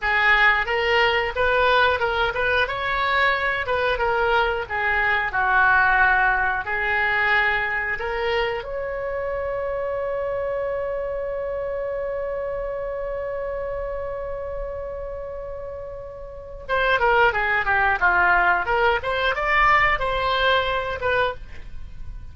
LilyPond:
\new Staff \with { instrumentName = "oboe" } { \time 4/4 \tempo 4 = 90 gis'4 ais'4 b'4 ais'8 b'8 | cis''4. b'8 ais'4 gis'4 | fis'2 gis'2 | ais'4 cis''2.~ |
cis''1~ | cis''1~ | cis''4 c''8 ais'8 gis'8 g'8 f'4 | ais'8 c''8 d''4 c''4. b'8 | }